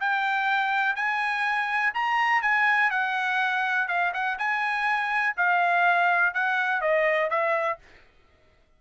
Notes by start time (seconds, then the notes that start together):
0.00 G5
0.96 G#5
1.94 A#5
2.42 G#5
2.90 F#5
3.88 F5
4.14 F#5
4.38 G#5
5.37 F5
6.34 F#5
6.81 D#5
7.30 E5